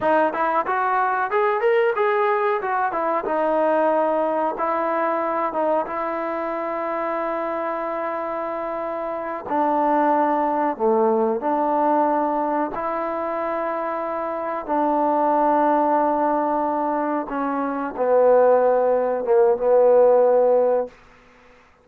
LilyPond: \new Staff \with { instrumentName = "trombone" } { \time 4/4 \tempo 4 = 92 dis'8 e'8 fis'4 gis'8 ais'8 gis'4 | fis'8 e'8 dis'2 e'4~ | e'8 dis'8 e'2.~ | e'2~ e'8 d'4.~ |
d'8 a4 d'2 e'8~ | e'2~ e'8 d'4.~ | d'2~ d'8 cis'4 b8~ | b4. ais8 b2 | }